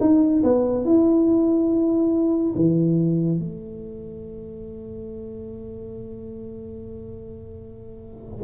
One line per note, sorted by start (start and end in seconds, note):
0.00 0.42 D#4
0.43 0.85 B3
0.85 2.54 E4
2.55 3.38 E3
3.38 8.44 A3